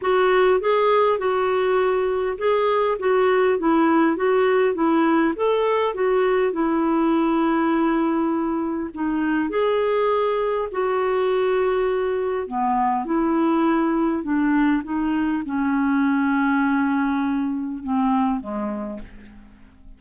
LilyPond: \new Staff \with { instrumentName = "clarinet" } { \time 4/4 \tempo 4 = 101 fis'4 gis'4 fis'2 | gis'4 fis'4 e'4 fis'4 | e'4 a'4 fis'4 e'4~ | e'2. dis'4 |
gis'2 fis'2~ | fis'4 b4 e'2 | d'4 dis'4 cis'2~ | cis'2 c'4 gis4 | }